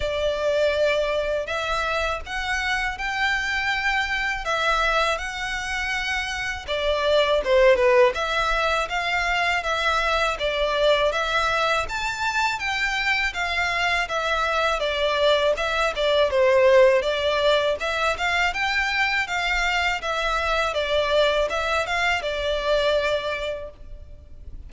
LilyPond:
\new Staff \with { instrumentName = "violin" } { \time 4/4 \tempo 4 = 81 d''2 e''4 fis''4 | g''2 e''4 fis''4~ | fis''4 d''4 c''8 b'8 e''4 | f''4 e''4 d''4 e''4 |
a''4 g''4 f''4 e''4 | d''4 e''8 d''8 c''4 d''4 | e''8 f''8 g''4 f''4 e''4 | d''4 e''8 f''8 d''2 | }